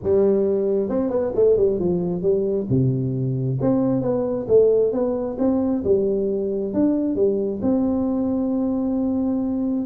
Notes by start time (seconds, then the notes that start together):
0.03 G3
0.89 C4
1.09 B3
1.35 A3
1.56 G3
1.79 F3
2.22 G3
2.69 C3
3.61 C4
4.01 B3
4.48 A3
4.92 B3
5.38 C4
5.84 G3
6.73 D4
7.15 G3
7.62 C4